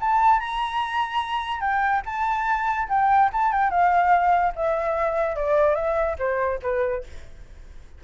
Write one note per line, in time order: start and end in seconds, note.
0.00 0.40 A5
0.40 1.60 A#5
1.60 2.02 G5
2.05 2.88 A5
2.88 3.30 G5
3.33 3.52 A5
3.52 3.70 G5
3.70 4.53 F5
4.55 5.35 E5
5.35 5.75 D5
5.75 6.16 E5
6.18 6.60 C5
6.62 7.03 B4